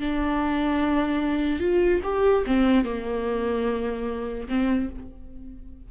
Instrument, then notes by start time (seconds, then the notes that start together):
viola
0.00 D4
1.59 F4
2.03 G4
2.46 C4
2.84 A#3
4.48 C4